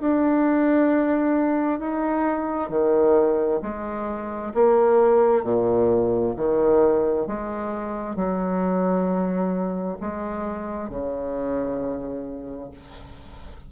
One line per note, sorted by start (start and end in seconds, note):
0.00 1.79 D4
1.79 2.69 D#4
2.69 3.60 D#3
3.62 4.53 G#3
4.54 5.43 A#3
5.43 6.34 A#2
6.36 7.27 D#3
7.27 8.16 G#3
8.16 9.98 F#3
10.00 10.89 G#3
10.89 12.71 C#3